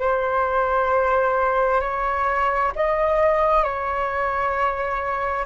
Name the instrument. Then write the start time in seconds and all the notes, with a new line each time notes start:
flute
0.00 C5
1.81 C#5
2.76 D#5
3.64 C#5